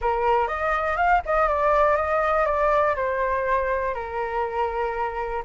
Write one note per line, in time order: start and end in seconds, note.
0.01 0.47 A#4
0.47 0.97 D#5
0.97 1.21 F5
1.25 1.48 D#5
1.48 1.96 D5
1.96 2.45 D#5
2.45 2.95 D5
2.95 3.94 C5
3.94 5.43 A#4